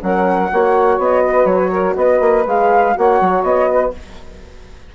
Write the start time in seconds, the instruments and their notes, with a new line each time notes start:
0.00 bassoon F#3, horn C#4, saxophone A#4, flute F#5
0.51 bassoon A#3, horn F#4, saxophone C#5
0.98 bassoon B3, flute D#5
1.23 saxophone B4
1.45 bassoon F#3, flute C#5
1.71 saxophone A#4
1.96 bassoon B3, saxophone B4, flute D#5
2.20 bassoon A#3
2.46 bassoon G#3, horn G#4, flute F5
2.94 bassoon A#3, horn F#4, saxophone C#5, flute F#5
3.21 bassoon F#3
3.43 bassoon B3, flute D#5
3.70 saxophone B4